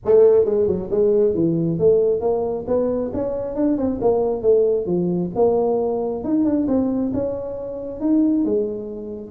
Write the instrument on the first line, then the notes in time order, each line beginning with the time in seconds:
tuba
0.05 A3
0.45 G#3
0.67 F#3
0.90 G#3
1.34 E3
1.78 A3
2.20 A#3
2.67 B3
3.13 C#4
3.55 D4
3.77 C4
4.01 A#3
4.42 A3
4.86 F3
5.35 A#3
6.24 D#4
6.44 D4
6.67 C4
7.13 C#4
8.00 D#4
8.44 G#3